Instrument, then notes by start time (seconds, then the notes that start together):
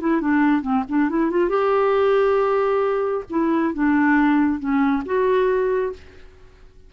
clarinet
0.00 E4
0.21 D4
0.62 C4
0.89 D4
1.09 E4
1.30 F4
1.49 G4
3.30 E4
3.73 D4
4.59 C#4
5.05 F#4